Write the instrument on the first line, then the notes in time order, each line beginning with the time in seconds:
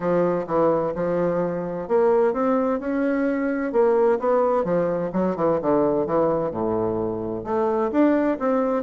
bassoon
0.00 F3
0.47 E3
0.95 F3
1.88 A#3
2.33 C4
2.79 C#4
3.72 A#3
4.19 B3
4.64 F3
5.13 F#3
5.36 E3
5.61 D3
6.06 E3
6.51 A2
7.44 A3
7.91 D4
8.39 C4